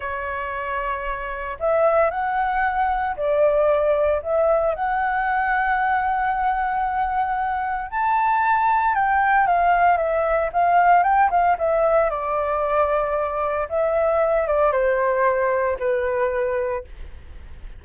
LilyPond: \new Staff \with { instrumentName = "flute" } { \time 4/4 \tempo 4 = 114 cis''2. e''4 | fis''2 d''2 | e''4 fis''2.~ | fis''2. a''4~ |
a''4 g''4 f''4 e''4 | f''4 g''8 f''8 e''4 d''4~ | d''2 e''4. d''8 | c''2 b'2 | }